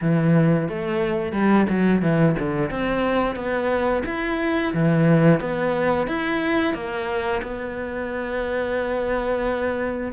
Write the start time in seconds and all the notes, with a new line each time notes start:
0.01 E3
0.68 A3
1.32 G3
1.69 F#3
2.02 E3
2.39 D3
2.70 C4
3.35 B3
4.05 E4
4.73 E3
5.40 B3
6.07 E4
6.74 A#3
7.42 B3